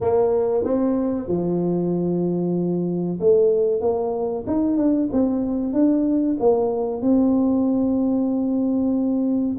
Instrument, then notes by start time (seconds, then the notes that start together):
tuba
0.01 A#3
0.64 C4
1.27 F3
3.19 A3
3.81 A#3
4.47 D#4
4.77 D4
5.12 C4
5.73 D4
6.39 A#3
7.01 C4